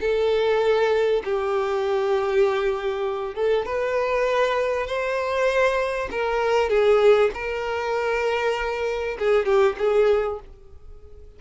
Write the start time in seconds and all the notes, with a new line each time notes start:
0.00 A4
1.24 G4
3.35 A4
3.65 B4
4.86 C5
6.11 A#4
6.69 G#4
7.34 A#4
9.18 G#4
9.45 G4
9.78 G#4